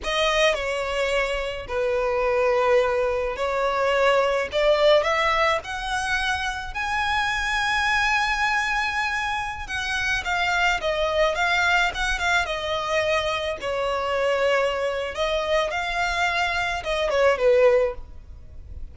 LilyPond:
\new Staff \with { instrumentName = "violin" } { \time 4/4 \tempo 4 = 107 dis''4 cis''2 b'4~ | b'2 cis''2 | d''4 e''4 fis''2 | gis''1~ |
gis''4~ gis''16 fis''4 f''4 dis''8.~ | dis''16 f''4 fis''8 f''8 dis''4.~ dis''16~ | dis''16 cis''2~ cis''8. dis''4 | f''2 dis''8 cis''8 b'4 | }